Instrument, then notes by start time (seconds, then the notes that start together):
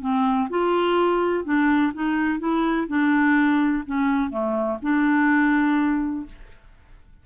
clarinet
0.00 C4
0.49 F4
1.44 D4
1.93 D#4
2.39 E4
2.87 D4
3.85 C#4
4.30 A3
4.82 D4